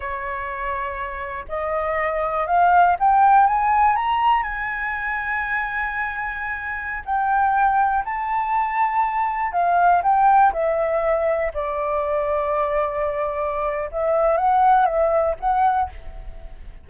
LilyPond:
\new Staff \with { instrumentName = "flute" } { \time 4/4 \tempo 4 = 121 cis''2. dis''4~ | dis''4 f''4 g''4 gis''4 | ais''4 gis''2.~ | gis''2~ gis''16 g''4.~ g''16~ |
g''16 a''2. f''8.~ | f''16 g''4 e''2 d''8.~ | d''1 | e''4 fis''4 e''4 fis''4 | }